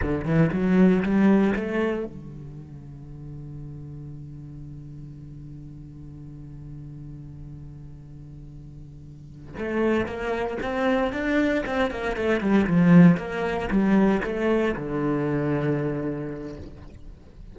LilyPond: \new Staff \with { instrumentName = "cello" } { \time 4/4 \tempo 4 = 116 d8 e8 fis4 g4 a4 | d1~ | d1~ | d1~ |
d2~ d8 a4 ais8~ | ais8 c'4 d'4 c'8 ais8 a8 | g8 f4 ais4 g4 a8~ | a8 d2.~ d8 | }